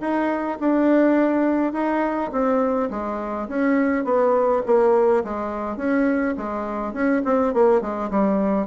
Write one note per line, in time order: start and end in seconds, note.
0.00 0.58 D#4
0.60 1.73 D4
1.73 2.30 D#4
2.32 2.90 C4
2.90 3.48 G#3
3.48 4.04 C#4
4.04 4.62 B3
4.66 5.23 A#3
5.24 5.77 G#3
5.77 6.34 C#4
6.37 6.93 G#3
6.93 7.22 C#4
7.25 7.53 C4
7.53 7.81 A#3
7.81 8.10 G#3
8.10 8.66 G3